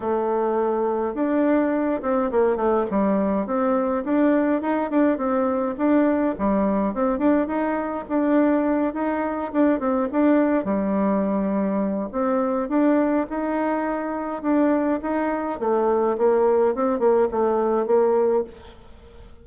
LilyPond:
\new Staff \with { instrumentName = "bassoon" } { \time 4/4 \tempo 4 = 104 a2 d'4. c'8 | ais8 a8 g4 c'4 d'4 | dis'8 d'8 c'4 d'4 g4 | c'8 d'8 dis'4 d'4. dis'8~ |
dis'8 d'8 c'8 d'4 g4.~ | g4 c'4 d'4 dis'4~ | dis'4 d'4 dis'4 a4 | ais4 c'8 ais8 a4 ais4 | }